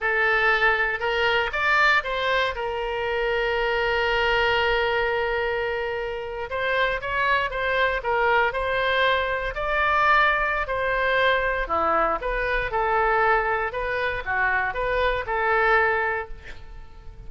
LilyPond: \new Staff \with { instrumentName = "oboe" } { \time 4/4 \tempo 4 = 118 a'2 ais'4 d''4 | c''4 ais'2.~ | ais'1~ | ais'8. c''4 cis''4 c''4 ais'16~ |
ais'8. c''2 d''4~ d''16~ | d''4 c''2 e'4 | b'4 a'2 b'4 | fis'4 b'4 a'2 | }